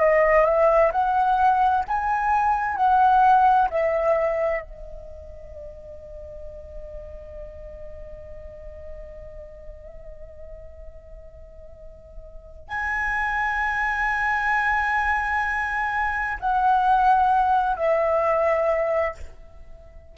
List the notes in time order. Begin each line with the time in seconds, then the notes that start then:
0.00 D#5
0.45 E5
0.92 F#5
1.88 G#5
2.77 F#5
3.70 E5
4.62 D#5
12.69 G#5
16.40 F#5
17.76 E5